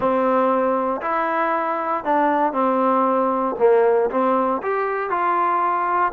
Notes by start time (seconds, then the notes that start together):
0.00 C4
1.01 E4
2.04 D4
2.53 C4
3.58 A#3
4.10 C4
4.62 G4
5.10 F4